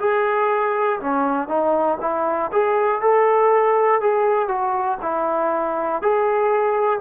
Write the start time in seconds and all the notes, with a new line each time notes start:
0.00 G#4
1.00 C#4
1.48 D#4
2.00 E4
2.52 G#4
3.01 A4
4.00 G#4
4.48 F#4
5.02 E4
6.02 G#4